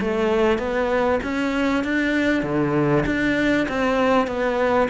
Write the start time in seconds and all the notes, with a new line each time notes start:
0.00 A3
0.58 B3
1.23 C#4
1.83 D4
2.43 D3
3.06 D4
3.68 C4
4.27 B3